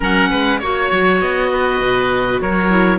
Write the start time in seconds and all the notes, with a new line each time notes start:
0.00 F#3 C#4 A#4 F#5
0.30 G#3 B4
0.58 A#3 F#4 C#5
0.91 F#3
1.20 B3 D#5
1.52 B4
1.80 B2
2.40 F#3 A#4 C#5
2.70 E4